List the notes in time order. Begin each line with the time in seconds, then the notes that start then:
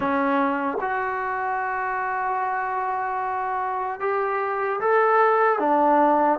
0.00 C#4
0.80 F#4
4.00 G4
4.80 A4
5.59 D4